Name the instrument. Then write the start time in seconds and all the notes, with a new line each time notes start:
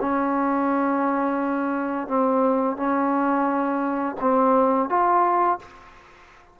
trombone
0.00 C#4
2.08 C4
2.77 C#4
4.21 C4
4.89 F4